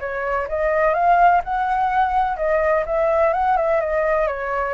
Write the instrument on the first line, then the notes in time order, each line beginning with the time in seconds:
flute
0.00 C#5
0.48 D#5
0.94 F5
1.44 F#5
2.37 D#5
2.86 E5
3.33 F#5
3.57 E5
3.80 D#5
4.27 C#5